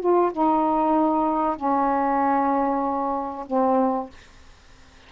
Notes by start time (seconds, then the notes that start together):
0.00 F4
0.32 D#4
1.56 C#4
3.46 C4